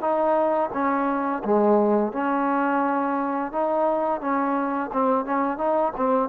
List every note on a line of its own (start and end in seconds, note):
0.00 0.70 D#4
0.73 1.42 C#4
1.44 2.12 G#3
2.12 3.51 C#4
3.51 4.21 D#4
4.21 4.90 C#4
4.92 5.25 C4
5.25 5.58 C#4
5.58 5.92 D#4
5.96 6.29 C4